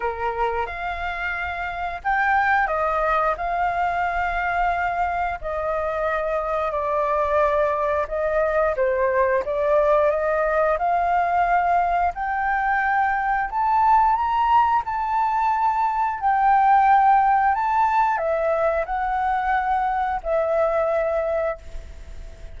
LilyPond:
\new Staff \with { instrumentName = "flute" } { \time 4/4 \tempo 4 = 89 ais'4 f''2 g''4 | dis''4 f''2. | dis''2 d''2 | dis''4 c''4 d''4 dis''4 |
f''2 g''2 | a''4 ais''4 a''2 | g''2 a''4 e''4 | fis''2 e''2 | }